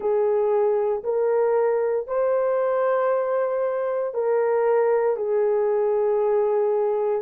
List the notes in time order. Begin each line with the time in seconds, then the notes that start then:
0.00 G#4
1.03 A#4
2.07 C5
4.14 A#4
5.16 G#4